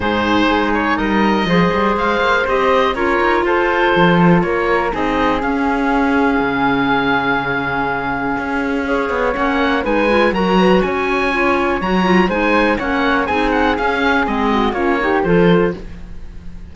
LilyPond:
<<
  \new Staff \with { instrumentName = "oboe" } { \time 4/4 \tempo 4 = 122 c''4. cis''8 dis''2 | f''4 dis''4 cis''4 c''4~ | c''4 cis''4 dis''4 f''4~ | f''1~ |
f''2. fis''4 | gis''4 ais''4 gis''2 | ais''4 gis''4 fis''4 gis''8 fis''8 | f''4 dis''4 cis''4 c''4 | }
  \new Staff \with { instrumentName = "flute" } { \time 4/4 gis'2 ais'4 c''4~ | c''2 ais'4 a'4~ | a'4 ais'4 gis'2~ | gis'1~ |
gis'2 cis''2 | b'4 ais'8 b'8 cis''2~ | cis''4 c''4 cis''4 gis'4~ | gis'4. fis'8 f'8 g'8 a'4 | }
  \new Staff \with { instrumentName = "clarinet" } { \time 4/4 dis'2. gis'4~ | gis'4 g'4 f'2~ | f'2 dis'4 cis'4~ | cis'1~ |
cis'2 gis'4 cis'4 | dis'8 f'8 fis'2 f'4 | fis'8 f'8 dis'4 cis'4 dis'4 | cis'4 c'4 cis'8 dis'8 f'4 | }
  \new Staff \with { instrumentName = "cello" } { \time 4/4 gis,4 gis4 g4 f8 g8 | gis8 ais8 c'4 cis'8 dis'8 f'4 | f4 ais4 c'4 cis'4~ | cis'4 cis2.~ |
cis4 cis'4. b8 ais4 | gis4 fis4 cis'2 | fis4 gis4 ais4 c'4 | cis'4 gis4 ais4 f4 | }
>>